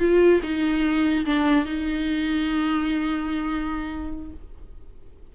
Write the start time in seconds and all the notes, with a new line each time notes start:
0.00 F4
0.44 D#4
1.26 D4
1.66 D#4